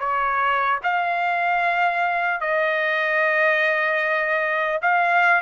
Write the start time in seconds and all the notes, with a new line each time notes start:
0.00 C#5
0.84 F5
2.41 D#5
4.82 F5